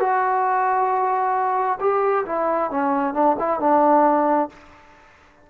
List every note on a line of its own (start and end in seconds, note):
0.00 1.79 F#4
1.81 2.26 G4
2.26 2.71 E4
2.71 3.14 C#4
3.14 3.37 D4
3.39 3.60 E4
3.60 4.49 D4